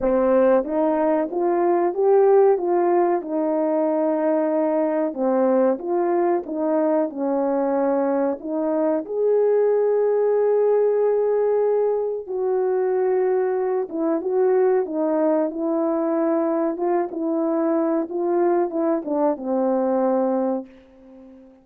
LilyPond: \new Staff \with { instrumentName = "horn" } { \time 4/4 \tempo 4 = 93 c'4 dis'4 f'4 g'4 | f'4 dis'2. | c'4 f'4 dis'4 cis'4~ | cis'4 dis'4 gis'2~ |
gis'2. fis'4~ | fis'4. e'8 fis'4 dis'4 | e'2 f'8 e'4. | f'4 e'8 d'8 c'2 | }